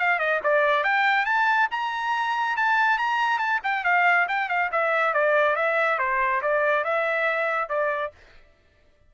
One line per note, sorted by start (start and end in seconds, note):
0.00 0.19 F5
0.19 0.41 D#5
0.44 0.85 D5
0.85 1.26 G5
1.26 1.69 A5
1.71 2.57 A#5
2.57 2.99 A5
2.99 3.39 A#5
3.39 3.60 A5
3.64 3.85 G5
3.85 4.28 F5
4.29 4.49 G5
4.49 4.71 F5
4.72 5.14 E5
5.14 5.56 D5
5.56 5.99 E5
5.99 6.42 C5
6.42 6.85 D5
6.85 7.69 E5
7.69 8.12 D5